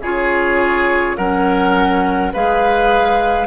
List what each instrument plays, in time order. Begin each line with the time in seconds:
0.00 bassoon C#3, clarinet F4, oboe G#4, flute C#5
1.17 bassoon F#3, clarinet C#4, oboe A#4, flute F#5
2.33 bassoon G#3, clarinet G#4, oboe B4, flute F5